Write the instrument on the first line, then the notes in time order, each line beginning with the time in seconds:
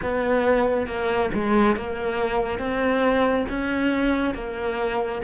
cello
0.02 B3
0.86 A#3
1.34 G#3
1.76 A#3
2.58 C4
3.49 C#4
4.34 A#3